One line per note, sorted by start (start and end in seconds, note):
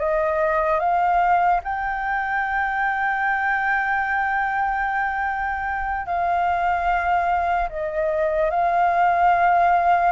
0.00 0.80 D#5
0.80 1.61 F5
1.64 6.07 G5
6.07 7.69 F5
7.70 8.51 D#5
8.51 10.12 F5